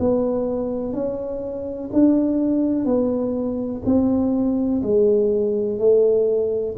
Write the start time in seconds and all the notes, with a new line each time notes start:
0.00 B3
0.94 C#4
1.93 D4
2.86 B3
3.86 C4
4.83 G#3
5.79 A3